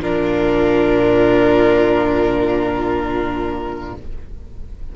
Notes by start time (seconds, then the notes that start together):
0.00 A#2 D4 F4 A#4